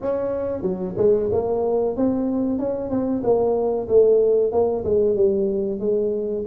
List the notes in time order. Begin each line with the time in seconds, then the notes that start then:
0.01 C#4
0.62 F#3
0.97 G#3
1.31 A#3
1.96 C4
2.58 C#4
2.90 C4
3.23 A#3
3.88 A3
4.52 A#3
4.84 G#3
5.16 G3
5.79 G#3